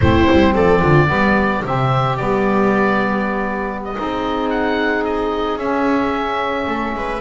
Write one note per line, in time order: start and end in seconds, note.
0.00 0.28 A3
0.00 1.07 C4
0.00 0.54 E4
0.00 0.54 C5
0.31 0.55 G3
0.54 0.81 F3
0.54 0.81 A4
0.54 1.65 D5
0.81 1.09 D3
0.81 1.08 F4
1.07 1.63 G3
1.07 1.62 B3
1.07 3.97 G4
1.64 2.19 C3
1.64 2.17 C4
1.64 2.16 E5
2.16 3.96 G3
2.16 3.95 B3
2.16 3.80 D5
3.84 4.50 D#5
3.95 5.57 C4
3.95 5.59 D#4
3.95 6.68 G#4
4.50 5.04 F#5
5.04 5.58 D#5
5.57 6.66 C#4
5.57 7.21 C#4
5.57 7.21 E5
6.67 6.94 A3
6.67 6.95 A4
6.94 7.21 G#3
6.94 7.21 B4